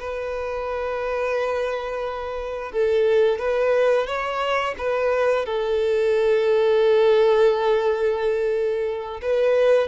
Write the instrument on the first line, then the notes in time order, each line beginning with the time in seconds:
violin
0.00 B4
2.72 A4
3.39 B4
4.07 C#5
4.79 B4
5.46 A4
9.22 B4